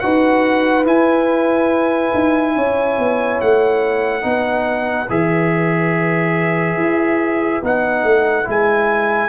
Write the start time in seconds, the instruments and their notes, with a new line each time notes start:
0.00 tuba D#4, trombone F#4, horn B4, trumpet F#5
0.85 tuba E4, trombone E4, trumpet G#5
2.14 tuba D#4
2.55 tuba C#4, horn C#5
2.98 tuba B3
3.41 tuba A3, trumpet F#5
4.21 tuba B3, trombone D#4, horn B4
5.09 tuba E3, trombone G#4, trumpet E5
6.77 tuba E4
7.62 tuba B3, trombone D#4, trumpet F#5
8.04 tuba A3
8.44 tuba G#3, trombone E4, trumpet G#5